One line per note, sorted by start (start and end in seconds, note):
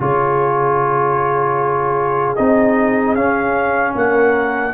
0.00 2.37 C#3
0.00 2.37 F4
0.00 3.96 G#4
0.00 2.36 C#5
2.36 3.16 C4
2.36 3.16 D#4
2.36 3.15 D#5
3.15 3.95 C#4
3.15 4.74 C#4
3.15 3.94 F5
3.95 4.74 A#3
3.95 4.74 A#4
3.95 4.74 F#5